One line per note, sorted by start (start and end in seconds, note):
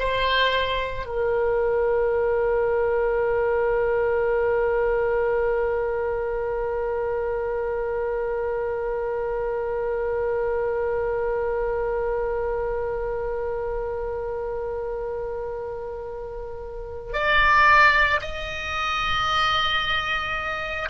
0.00 1.07 C5
1.07 17.14 A#4
17.14 18.21 D5
18.21 20.89 D#5